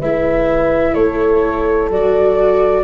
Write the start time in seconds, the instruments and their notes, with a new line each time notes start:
0.00 tuba G#3, viola E4, horn B4, flute E5
0.94 tuba A3, horn A4, flute C#5
1.91 tuba F#3, viola F#4, flute D5